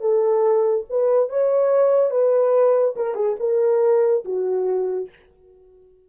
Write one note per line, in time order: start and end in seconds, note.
0.00 0.85 A4
0.89 1.29 B4
1.29 2.10 C#5
2.10 2.94 B4
2.95 3.14 A#4
3.14 3.35 G#4
3.39 4.24 A#4
4.24 5.09 F#4